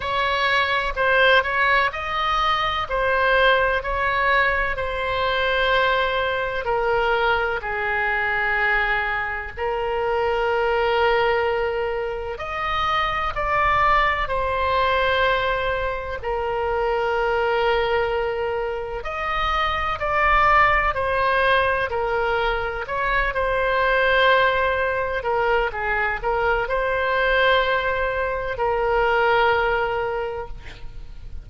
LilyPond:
\new Staff \with { instrumentName = "oboe" } { \time 4/4 \tempo 4 = 63 cis''4 c''8 cis''8 dis''4 c''4 | cis''4 c''2 ais'4 | gis'2 ais'2~ | ais'4 dis''4 d''4 c''4~ |
c''4 ais'2. | dis''4 d''4 c''4 ais'4 | cis''8 c''2 ais'8 gis'8 ais'8 | c''2 ais'2 | }